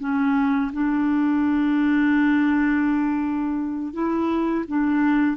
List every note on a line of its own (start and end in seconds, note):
0.00 0.71 C#4
0.72 3.93 D4
3.93 4.65 E4
4.68 5.37 D4